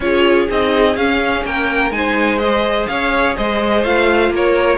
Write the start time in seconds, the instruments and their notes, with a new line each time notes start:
0.00 cello C#4, viola F4, violin G#4 C#5
0.48 cello C4, viola D#4, violin D#5
0.96 cello C#4, viola C#4, violin F5
1.44 cello A#3, violin A#4 G5
1.90 cello G#3, viola D#4, violin C5 G#5
2.38 viola G#4, violin D#5
2.86 cello C#4, violin C#5 F5
3.36 cello G#3, violin C5 D#5
3.84 cello A3, viola F4, violin F5
4.29 cello A#3, violin A#4 C#5